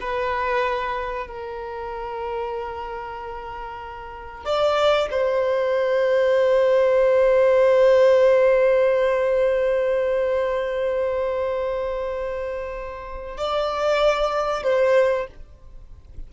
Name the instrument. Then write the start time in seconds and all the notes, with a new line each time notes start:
violin
0.00 B4
1.27 A#4
4.44 D5
5.10 C5
13.37 D5
14.63 C5